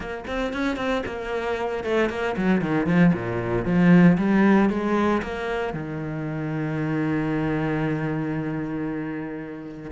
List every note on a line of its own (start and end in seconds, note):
0.00 0.24 A#3
0.27 0.53 C4
0.53 0.76 C#4
0.76 1.02 C4
1.06 1.84 A#3
1.84 2.09 A3
2.09 2.35 A#3
2.36 2.61 F#3
2.61 2.86 D#3
2.86 3.12 F3
3.13 3.65 A#2
3.65 4.17 F3
4.17 4.69 G3
4.69 5.22 G#3
5.22 5.73 A#3
5.73 9.90 D#3